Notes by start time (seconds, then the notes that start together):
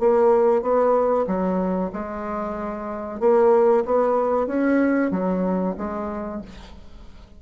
0.00 A#3
0.62 B3
1.27 F#3
1.93 G#3
3.21 A#3
3.86 B3
4.47 C#4
5.12 F#3
5.78 G#3